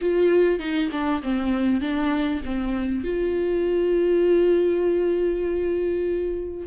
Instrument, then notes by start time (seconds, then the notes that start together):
viola
0.01 F4
0.59 D#4
0.91 D4
1.22 C4
1.80 D4
2.45 C4
3.03 F4